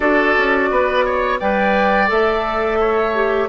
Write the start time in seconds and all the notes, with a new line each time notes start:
0.00 D4 F#4 A4 D5
0.37 C#4
0.70 B3 B4
1.05 C#5
1.39 G3 B4 D5 G5
2.07 A3 A4 E5
2.80 C#5
3.14 G4